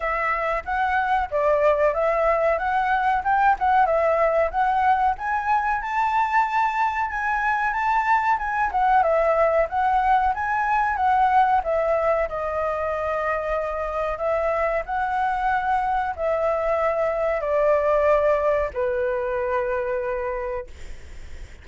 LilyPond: \new Staff \with { instrumentName = "flute" } { \time 4/4 \tempo 4 = 93 e''4 fis''4 d''4 e''4 | fis''4 g''8 fis''8 e''4 fis''4 | gis''4 a''2 gis''4 | a''4 gis''8 fis''8 e''4 fis''4 |
gis''4 fis''4 e''4 dis''4~ | dis''2 e''4 fis''4~ | fis''4 e''2 d''4~ | d''4 b'2. | }